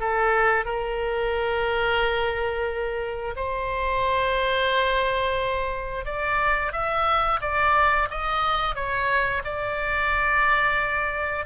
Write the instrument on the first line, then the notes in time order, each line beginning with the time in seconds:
oboe
0.00 A4
0.65 A#4
3.36 C5
6.06 D5
6.73 E5
7.41 D5
8.11 D#5
8.75 C#5
9.45 D5